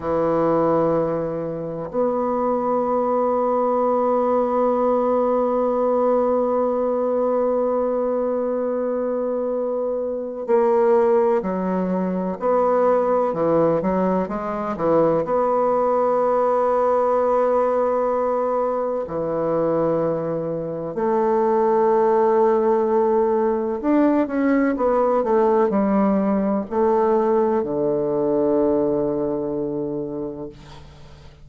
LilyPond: \new Staff \with { instrumentName = "bassoon" } { \time 4/4 \tempo 4 = 63 e2 b2~ | b1~ | b2. ais4 | fis4 b4 e8 fis8 gis8 e8 |
b1 | e2 a2~ | a4 d'8 cis'8 b8 a8 g4 | a4 d2. | }